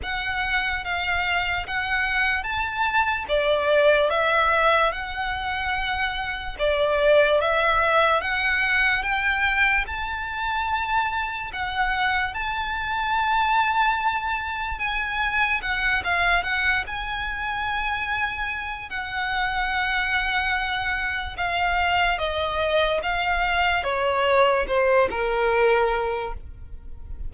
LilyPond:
\new Staff \with { instrumentName = "violin" } { \time 4/4 \tempo 4 = 73 fis''4 f''4 fis''4 a''4 | d''4 e''4 fis''2 | d''4 e''4 fis''4 g''4 | a''2 fis''4 a''4~ |
a''2 gis''4 fis''8 f''8 | fis''8 gis''2~ gis''8 fis''4~ | fis''2 f''4 dis''4 | f''4 cis''4 c''8 ais'4. | }